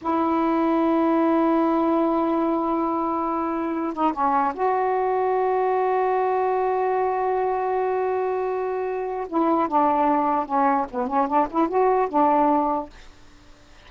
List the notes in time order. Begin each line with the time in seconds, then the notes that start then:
0.01 E4
3.93 D#4
4.13 C#4
4.54 F#4
9.28 E4
9.68 D4
10.45 C#4
10.90 B3
11.07 C#4
11.27 D4
11.50 E4
11.68 F#4
12.08 D4